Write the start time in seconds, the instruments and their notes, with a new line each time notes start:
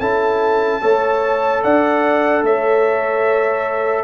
0.00 tuba C#4, trombone E4, horn A4, trumpet A5
0.81 tuba A3, trombone A4, horn C#5
1.63 tuba D4, horn D5, trumpet F#5
2.42 tuba A3, horn C#5, trumpet E5